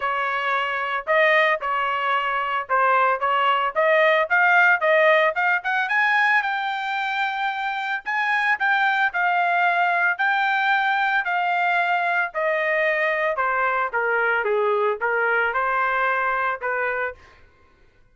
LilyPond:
\new Staff \with { instrumentName = "trumpet" } { \time 4/4 \tempo 4 = 112 cis''2 dis''4 cis''4~ | cis''4 c''4 cis''4 dis''4 | f''4 dis''4 f''8 fis''8 gis''4 | g''2. gis''4 |
g''4 f''2 g''4~ | g''4 f''2 dis''4~ | dis''4 c''4 ais'4 gis'4 | ais'4 c''2 b'4 | }